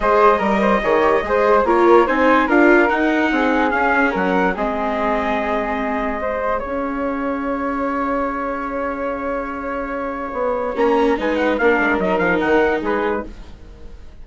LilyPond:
<<
  \new Staff \with { instrumentName = "trumpet" } { \time 4/4 \tempo 4 = 145 dis''1 | cis''4 gis''4 f''4 fis''4~ | fis''4 f''4 fis''4 dis''4~ | dis''1 |
f''1~ | f''1~ | f''2 ais''4 gis''8 fis''8 | f''4 dis''8 f''8 fis''4 b'4 | }
  \new Staff \with { instrumentName = "flute" } { \time 4/4 c''4 ais'8 c''8 cis''4 c''4 | ais'4 c''4 ais'2 | gis'2 ais'4 gis'4~ | gis'2. c''4 |
cis''1~ | cis''1~ | cis''2. b'4 | ais'2. gis'4 | }
  \new Staff \with { instrumentName = "viola" } { \time 4/4 gis'4 ais'4 gis'8 g'8 gis'4 | f'4 dis'4 f'4 dis'4~ | dis'4 cis'2 c'4~ | c'2. gis'4~ |
gis'1~ | gis'1~ | gis'2 cis'4 dis'4 | d'4 dis'2. | }
  \new Staff \with { instrumentName = "bassoon" } { \time 4/4 gis4 g4 dis4 gis4 | ais4 c'4 d'4 dis'4 | c'4 cis'4 fis4 gis4~ | gis1 |
cis'1~ | cis'1~ | cis'4 b4 ais4 gis4 | ais8 gis8 fis8 f8 dis4 gis4 | }
>>